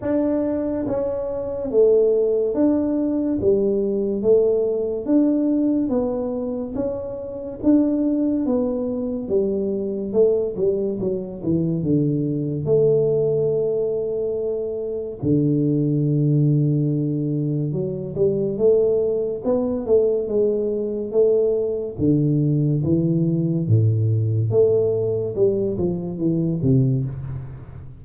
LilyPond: \new Staff \with { instrumentName = "tuba" } { \time 4/4 \tempo 4 = 71 d'4 cis'4 a4 d'4 | g4 a4 d'4 b4 | cis'4 d'4 b4 g4 | a8 g8 fis8 e8 d4 a4~ |
a2 d2~ | d4 fis8 g8 a4 b8 a8 | gis4 a4 d4 e4 | a,4 a4 g8 f8 e8 c8 | }